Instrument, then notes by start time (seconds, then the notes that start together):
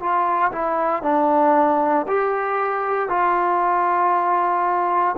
trombone
0.00 F4
0.52 E4
1.03 D4
2.08 G4
3.09 F4